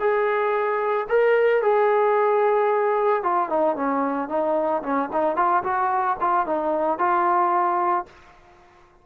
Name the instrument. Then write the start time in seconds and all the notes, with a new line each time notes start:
trombone
0.00 G#4
1.09 A#4
1.63 G#4
3.23 F4
3.50 D#4
3.76 C#4
4.29 D#4
4.83 C#4
5.13 D#4
5.36 F4
5.64 F#4
6.21 F4
6.47 D#4
6.99 F4